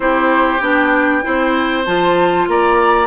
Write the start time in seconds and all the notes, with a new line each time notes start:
0.00 C4 E4 G4 C5
0.60 B3 D4 G5
1.22 C4 E4 C5
1.85 F3 F4 A5
2.47 A#3 D5 A#5